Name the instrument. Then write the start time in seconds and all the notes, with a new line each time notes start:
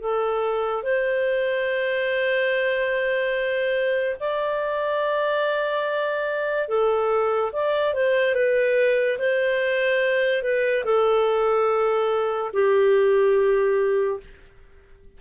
clarinet
0.00 A4
0.83 C5
4.20 D5
6.68 A4
7.52 D5
7.94 C5
8.34 B4
9.18 C5
10.42 B4
10.84 A4
12.53 G4